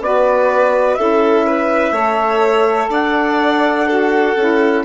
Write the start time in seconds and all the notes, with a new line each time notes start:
0.00 B3 F#4 B4 D5
0.95 C#4 E4 A4 E5
1.47 B4
1.92 A3 A4 C#5
2.89 D4 D5 F#5
3.87 F#4 A4
4.36 C#4 E4